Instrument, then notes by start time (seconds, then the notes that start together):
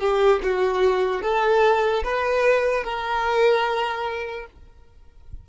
violin
0.00 G4
0.43 F#4
1.22 A4
2.04 B4
2.84 A#4